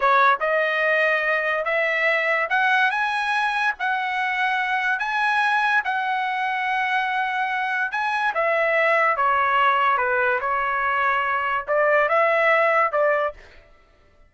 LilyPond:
\new Staff \with { instrumentName = "trumpet" } { \time 4/4 \tempo 4 = 144 cis''4 dis''2. | e''2 fis''4 gis''4~ | gis''4 fis''2. | gis''2 fis''2~ |
fis''2. gis''4 | e''2 cis''2 | b'4 cis''2. | d''4 e''2 d''4 | }